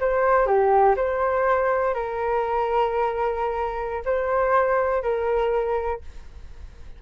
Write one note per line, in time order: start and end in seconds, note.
0.00 0.46 C5
0.46 0.95 G4
0.96 1.94 C5
1.94 4.03 A#4
4.05 5.02 C5
5.02 6.01 A#4